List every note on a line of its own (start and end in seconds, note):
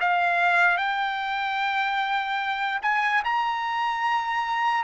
0.00 0.77 F5
0.77 2.80 G5
2.82 3.23 G#5
3.24 4.84 A#5